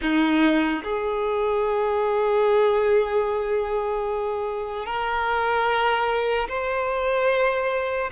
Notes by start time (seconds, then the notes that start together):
0.01 D#4
0.83 G#4
4.85 A#4
6.48 C5